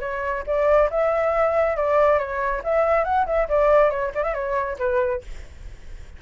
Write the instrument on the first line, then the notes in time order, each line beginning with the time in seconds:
flute
0.00 C#5
0.46 D5
0.90 E5
1.76 D5
2.18 C#5
2.63 E5
3.04 F#5
3.26 E5
3.48 D5
3.90 C#5
4.14 D5
4.23 E5
4.33 C#5
4.78 B4